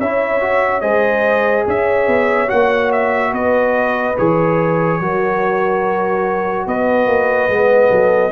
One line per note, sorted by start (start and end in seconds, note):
0.00 0.82 C#4
0.00 0.41 E4
0.00 0.82 C#5
0.00 0.81 E5
0.41 0.82 F#4
0.81 1.66 G#3
0.81 2.48 G#4
0.81 1.65 C5
0.81 1.64 D#5
1.66 2.08 C#4
1.66 3.32 C#5
1.66 2.50 E5
2.08 2.49 B3
2.48 3.33 A#3
2.48 4.14 F#4
2.48 2.91 F#5
2.92 3.34 E5
3.32 4.16 B3
3.32 4.99 B4
3.32 4.18 D#5
4.18 5.01 E3
4.18 5.02 G#4
4.18 6.68 C#5
5.01 6.67 F#3
5.01 7.50 F#4
5.01 6.67 A#4
6.67 7.07 B3
6.67 7.90 B4
6.67 8.32 D#5
7.07 7.48 A#3
7.49 7.90 G#3
7.49 8.32 B3
7.90 8.32 F#3
7.90 8.32 A4